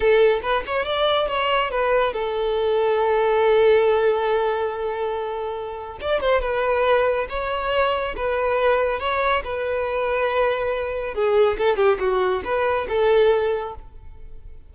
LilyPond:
\new Staff \with { instrumentName = "violin" } { \time 4/4 \tempo 4 = 140 a'4 b'8 cis''8 d''4 cis''4 | b'4 a'2.~ | a'1~ | a'2 d''8 c''8 b'4~ |
b'4 cis''2 b'4~ | b'4 cis''4 b'2~ | b'2 gis'4 a'8 g'8 | fis'4 b'4 a'2 | }